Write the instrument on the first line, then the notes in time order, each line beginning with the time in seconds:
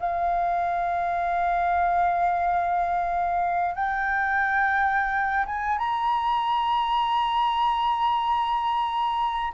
flute
0.00 F5
3.75 G5
5.46 G#5
5.78 A#5